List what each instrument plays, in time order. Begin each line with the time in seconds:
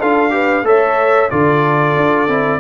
0.00 tuba D4, trombone F4, horn A4, trumpet F5
0.31 trombone G4, horn B4
0.63 tuba A3, trombone A4, horn C#5, trumpet E5
1.31 tuba D3, trombone F4, horn A4, trumpet D5
1.96 tuba D4
2.28 tuba C4, trombone E4